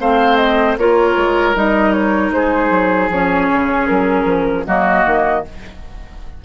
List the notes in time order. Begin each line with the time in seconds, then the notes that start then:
0.00 A3 C4 C5 F5
0.37 D#5
0.77 A#3 F4 A#4 C#5
1.16 G#3
1.55 G3 D#4 D#5
1.92 C#5
2.31 G#3 G#4 C5
2.70 F#3
3.09 F3 C#4 C#5
3.53 C#3
3.87 F#3 A#4
4.25 F3
4.67 F#3 A#3 F#4 D#5
5.05 D#3